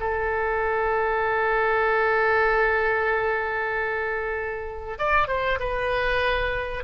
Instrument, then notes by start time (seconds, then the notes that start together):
oboe
0.00 A4
4.98 D5
5.28 C5
5.59 B4